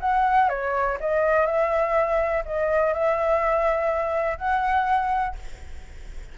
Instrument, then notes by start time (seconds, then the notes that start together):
flute
0.00 F#5
0.49 C#5
1.00 D#5
1.46 E5
2.45 D#5
2.94 E5
4.38 F#5